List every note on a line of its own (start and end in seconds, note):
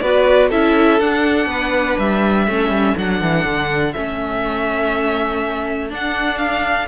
0.00 0.51 B3
0.00 0.52 F#4
0.00 0.49 B4
0.00 0.49 D5
0.49 1.00 C#4
0.49 1.01 E4
0.49 1.47 A4
0.49 1.00 E5
1.00 1.47 D4
1.00 2.48 D4
1.00 1.99 F#5
1.47 1.96 B3
1.47 2.47 B4
1.99 2.48 G3
1.99 2.98 E5
2.47 2.69 A3
2.47 2.97 C#4
2.47 6.89 A4
2.69 2.94 G3
2.97 3.22 F#3
2.97 3.96 D4
2.97 3.93 F#5
3.22 3.45 E3
3.45 3.94 D3
3.93 5.93 A3
3.93 5.90 C#4
3.93 5.90 E5
5.90 6.88 D4
5.90 6.89 D4
5.90 6.38 F#5
6.38 6.87 F5